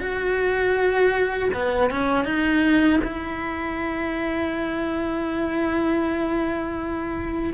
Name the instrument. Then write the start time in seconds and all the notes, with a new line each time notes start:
cello
0.00 F#4
1.54 B3
1.91 C#4
2.25 D#4
3.04 E4